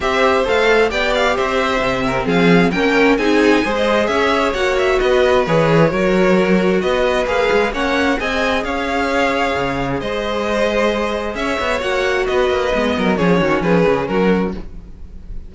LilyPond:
<<
  \new Staff \with { instrumentName = "violin" } { \time 4/4 \tempo 4 = 132 e''4 f''4 g''8 f''8 e''4~ | e''4 f''4 g''4 gis''4~ | gis''16 dis''8. e''4 fis''8 e''8 dis''4 | cis''2. dis''4 |
f''4 fis''4 gis''4 f''4~ | f''2 dis''2~ | dis''4 e''4 fis''4 dis''4~ | dis''4 cis''4 b'4 ais'4 | }
  \new Staff \with { instrumentName = "violin" } { \time 4/4 c''2 d''4 c''4~ | c''8 ais'8 gis'4 ais'4 gis'4 | c''4 cis''2 b'4~ | b'4 ais'2 b'4~ |
b'4 cis''4 dis''4 cis''4~ | cis''2 c''2~ | c''4 cis''2 b'4~ | b'8 ais'8 gis'8 fis'8 gis'4 fis'4 | }
  \new Staff \with { instrumentName = "viola" } { \time 4/4 g'4 a'4 g'2 | c'2 cis'4 dis'4 | gis'2 fis'2 | gis'4 fis'2. |
gis'4 cis'4 gis'2~ | gis'1~ | gis'2 fis'2 | b4 cis'2. | }
  \new Staff \with { instrumentName = "cello" } { \time 4/4 c'4 a4 b4 c'4 | c4 f4 ais4 c'4 | gis4 cis'4 ais4 b4 | e4 fis2 b4 |
ais8 gis8 ais4 c'4 cis'4~ | cis'4 cis4 gis2~ | gis4 cis'8 b8 ais4 b8 ais8 | gis8 fis8 f8 dis8 f8 cis8 fis4 | }
>>